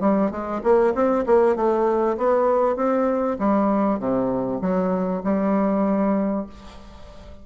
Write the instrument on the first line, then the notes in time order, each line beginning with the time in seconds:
bassoon
0.00 G3
0.31 G#3
0.63 A#3
0.95 C4
1.26 A#3
1.56 A3
2.17 B3
2.76 C4
3.39 G3
3.99 C3
4.61 F#3
5.23 G3